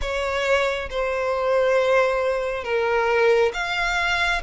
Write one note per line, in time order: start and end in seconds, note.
0.01 0.89 C#5
0.90 2.64 C5
2.64 3.52 A#4
3.53 4.41 F5